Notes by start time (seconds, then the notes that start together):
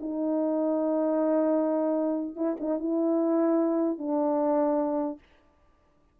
0.00 D#4
2.36 E4
2.60 D#4
2.79 E4
3.98 D4